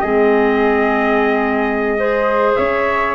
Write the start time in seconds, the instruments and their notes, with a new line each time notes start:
0.00 tuba G#3, clarinet C4, flute G#4, trumpet D#5
1.99 clarinet G#4, flute C5
2.55 tuba C#4, flute C#5, trumpet E5